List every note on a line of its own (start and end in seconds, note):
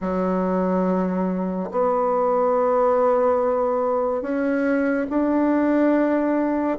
0.00 1.69 F#3
1.71 4.21 B3
4.21 5.06 C#4
5.09 6.78 D4